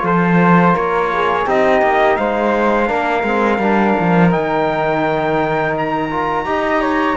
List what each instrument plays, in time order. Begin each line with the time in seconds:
0.00 cello F3, trombone F4, flute A4, trumpet C5
0.73 cello A#3, flute A#4, trumpet C#5
1.14 flute G#4
1.47 cello C4, trombone D#4, flute G4, trumpet D#5
1.82 cello A#3
2.17 cello G#3, flute C5, trumpet F5
2.87 cello A#3, trombone D4, flute A#4
3.24 cello G#3, trombone C4
3.58 cello G3, trombone D4
4.00 cello F3
4.31 cello D#3, trombone D#4, trumpet G5
5.78 trumpet A#5
6.11 trombone F4
6.45 cello D#4, trombone G4, flute D#5
6.82 flute C#5